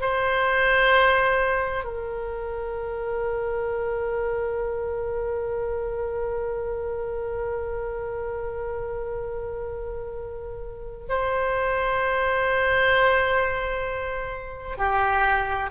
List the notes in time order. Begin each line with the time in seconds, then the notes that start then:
0.00 C5
1.84 A#4
11.09 C5
14.77 G4